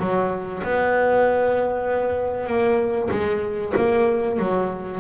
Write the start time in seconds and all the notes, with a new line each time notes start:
0.00 F#3
0.63 B3
2.47 A#3
3.11 G#3
3.76 A#3
4.39 F#3